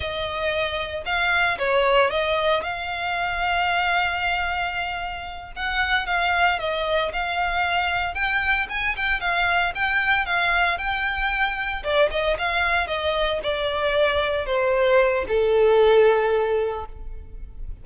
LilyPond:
\new Staff \with { instrumentName = "violin" } { \time 4/4 \tempo 4 = 114 dis''2 f''4 cis''4 | dis''4 f''2.~ | f''2~ f''8 fis''4 f''8~ | f''8 dis''4 f''2 g''8~ |
g''8 gis''8 g''8 f''4 g''4 f''8~ | f''8 g''2 d''8 dis''8 f''8~ | f''8 dis''4 d''2 c''8~ | c''4 a'2. | }